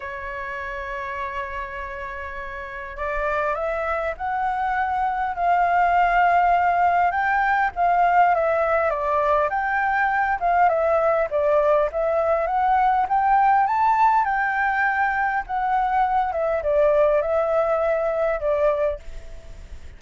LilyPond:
\new Staff \with { instrumentName = "flute" } { \time 4/4 \tempo 4 = 101 cis''1~ | cis''4 d''4 e''4 fis''4~ | fis''4 f''2. | g''4 f''4 e''4 d''4 |
g''4. f''8 e''4 d''4 | e''4 fis''4 g''4 a''4 | g''2 fis''4. e''8 | d''4 e''2 d''4 | }